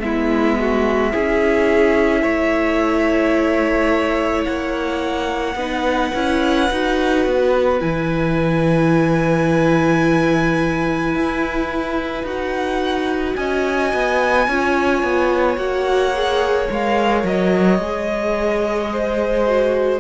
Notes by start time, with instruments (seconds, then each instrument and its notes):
0.00 cello G#3, viola B3, violin E4 E5
0.60 violin F#4
1.12 cello C#4, viola E4, violin G#4
2.22 cello A3, violin C#5
4.45 cello A#3, violin F#5
5.55 cello B3, viola D#4, violin B4
6.15 cello C#4, viola E4
6.71 cello D#4, viola F#4
7.26 cello B3
7.80 cello E3, viola E4, violin G#5
11.15 cello E4
12.23 cello D#4, viola F#4, violin F#5
13.35 cello C#4, violin D#5 G#5
13.94 cello B3
14.47 cello C#4, viola F4, violin C#5
15.03 cello B3
15.57 cello A#3, viola F#4, violin F#5
16.14 viola G#4
16.69 cello G#3, viola A#4, violin F5
17.23 cello F#3, violin D#5
17.78 cello G#3, viola G#4
18.92 violin C5
19.47 viola F#4